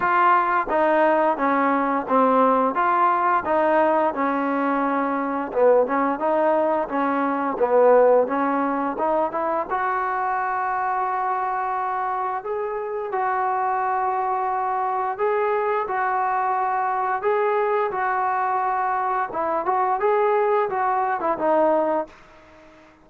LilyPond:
\new Staff \with { instrumentName = "trombone" } { \time 4/4 \tempo 4 = 87 f'4 dis'4 cis'4 c'4 | f'4 dis'4 cis'2 | b8 cis'8 dis'4 cis'4 b4 | cis'4 dis'8 e'8 fis'2~ |
fis'2 gis'4 fis'4~ | fis'2 gis'4 fis'4~ | fis'4 gis'4 fis'2 | e'8 fis'8 gis'4 fis'8. e'16 dis'4 | }